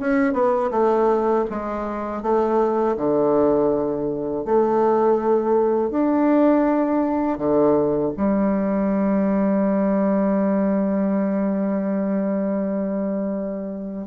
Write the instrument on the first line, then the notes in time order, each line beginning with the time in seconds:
bassoon
0.00 C#4
0.34 B3
0.71 A3
1.51 G#3
2.23 A3
2.97 D3
4.45 A3
5.91 D4
7.38 D3
8.17 G3